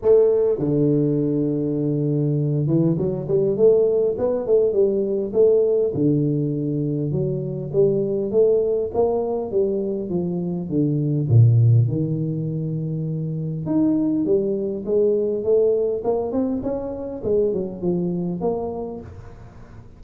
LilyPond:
\new Staff \with { instrumentName = "tuba" } { \time 4/4 \tempo 4 = 101 a4 d2.~ | d8 e8 fis8 g8 a4 b8 a8 | g4 a4 d2 | fis4 g4 a4 ais4 |
g4 f4 d4 ais,4 | dis2. dis'4 | g4 gis4 a4 ais8 c'8 | cis'4 gis8 fis8 f4 ais4 | }